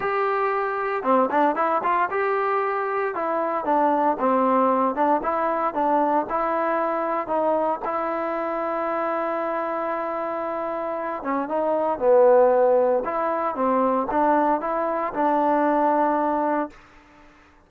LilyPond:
\new Staff \with { instrumentName = "trombone" } { \time 4/4 \tempo 4 = 115 g'2 c'8 d'8 e'8 f'8 | g'2 e'4 d'4 | c'4. d'8 e'4 d'4 | e'2 dis'4 e'4~ |
e'1~ | e'4. cis'8 dis'4 b4~ | b4 e'4 c'4 d'4 | e'4 d'2. | }